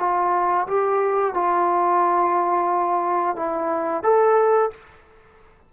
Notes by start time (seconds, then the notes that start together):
0.00 F4
0.68 G4
1.35 F4
3.37 E4
4.04 A4